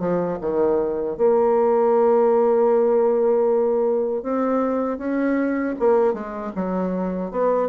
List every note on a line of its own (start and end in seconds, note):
0.00 0.38 F3
0.41 1.17 D#3
1.17 4.23 A#3
4.23 4.98 C4
4.98 5.75 C#4
5.80 6.14 A#3
6.14 6.52 G#3
6.56 7.31 F#3
7.31 7.69 B3